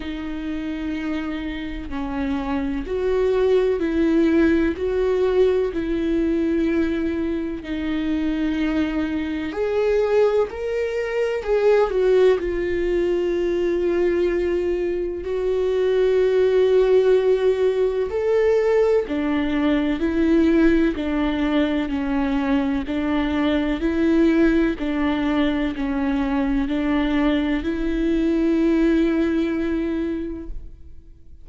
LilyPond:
\new Staff \with { instrumentName = "viola" } { \time 4/4 \tempo 4 = 63 dis'2 cis'4 fis'4 | e'4 fis'4 e'2 | dis'2 gis'4 ais'4 | gis'8 fis'8 f'2. |
fis'2. a'4 | d'4 e'4 d'4 cis'4 | d'4 e'4 d'4 cis'4 | d'4 e'2. | }